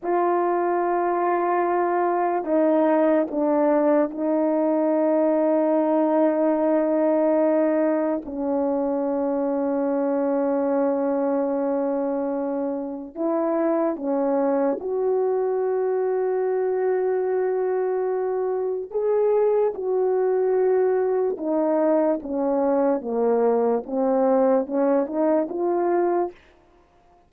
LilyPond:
\new Staff \with { instrumentName = "horn" } { \time 4/4 \tempo 4 = 73 f'2. dis'4 | d'4 dis'2.~ | dis'2 cis'2~ | cis'1 |
e'4 cis'4 fis'2~ | fis'2. gis'4 | fis'2 dis'4 cis'4 | ais4 c'4 cis'8 dis'8 f'4 | }